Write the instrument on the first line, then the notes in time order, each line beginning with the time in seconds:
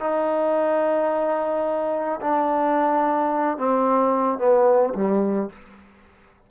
trombone
0.00 D#4
2.21 D4
3.58 C4
4.38 B3
4.94 G3